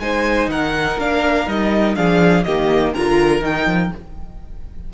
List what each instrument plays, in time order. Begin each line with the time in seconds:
0.00 cello G#3, viola D#4, violin C5 G#5
0.47 cello D#3, violin A#4 F#5
0.98 cello A#3, viola D4, violin F5
1.47 cello G3, viola D#4, violin D#5
1.95 cello F3, viola D4, violin G#4 F5
2.44 cello D#3, viola A#3, violin G4 D#5
2.93 cello D3, viola F4, violin A#4 A#5
3.41 cello D#3, viola D#4, violin G5
3.66 cello F3